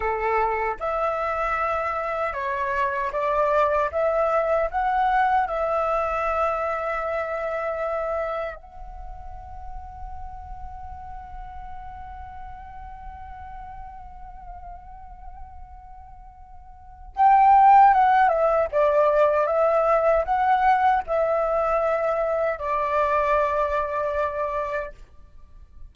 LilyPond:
\new Staff \with { instrumentName = "flute" } { \time 4/4 \tempo 4 = 77 a'4 e''2 cis''4 | d''4 e''4 fis''4 e''4~ | e''2. fis''4~ | fis''1~ |
fis''1~ | fis''2 g''4 fis''8 e''8 | d''4 e''4 fis''4 e''4~ | e''4 d''2. | }